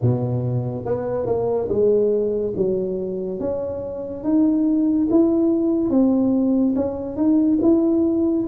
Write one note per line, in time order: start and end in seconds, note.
0.01 0.85 B2
0.85 1.26 B3
1.26 1.68 A#3
1.68 2.53 G#3
2.55 3.39 F#3
3.39 4.23 C#4
4.23 5.07 D#4
5.10 5.89 E4
5.89 6.74 C4
6.75 7.16 C#4
7.16 7.58 D#4
7.62 8.46 E4